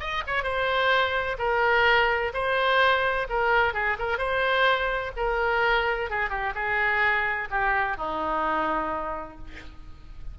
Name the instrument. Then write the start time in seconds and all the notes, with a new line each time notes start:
oboe
0.00 D#5
0.27 C#5
0.43 C5
1.38 A#4
2.34 C5
3.29 A#4
3.74 G#4
3.99 A#4
4.18 C5
5.16 A#4
6.10 G#4
6.30 G4
6.55 G#4
7.50 G4
7.97 D#4